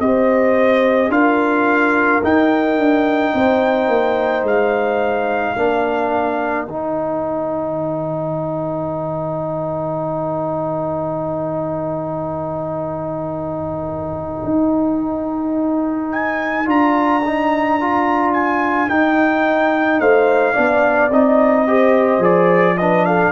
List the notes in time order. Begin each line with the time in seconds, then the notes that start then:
0.00 C4 G4 C5 D#5
1.09 D4 F4 A#4 F5
2.23 D#4 G5
2.78 D4
3.34 C4 C5
3.88 A#3
4.43 G#3 F5
5.56 A#3 D4 A#4
6.66 D#3 D#4 G5
14.44 D#4
16.12 G#5
16.66 D4 F4 A#5
17.25 D#4
17.81 F4
18.34 G#5
18.89 D#4 G5
20.00 A3 C5 F5
20.53 B3 D4 D5
21.10 C4 D#4 D#5
21.67 G4 C5
22.19 F3 G#4 D5
22.78 D4 B4 D#5
23.06 A4 F5